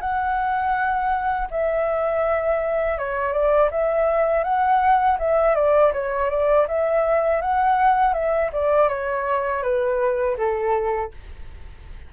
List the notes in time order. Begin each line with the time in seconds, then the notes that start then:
0.00 F#5
1.51 E5
2.98 C#5
3.32 D5
3.71 E5
4.44 F#5
5.19 E5
5.55 D5
5.93 C#5
6.30 D5
6.68 E5
7.41 F#5
8.13 E5
8.53 D5
8.89 C#5
9.63 B4
10.37 A4